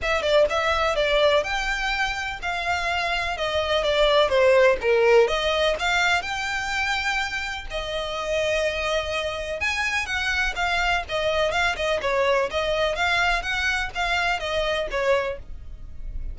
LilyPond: \new Staff \with { instrumentName = "violin" } { \time 4/4 \tempo 4 = 125 e''8 d''8 e''4 d''4 g''4~ | g''4 f''2 dis''4 | d''4 c''4 ais'4 dis''4 | f''4 g''2. |
dis''1 | gis''4 fis''4 f''4 dis''4 | f''8 dis''8 cis''4 dis''4 f''4 | fis''4 f''4 dis''4 cis''4 | }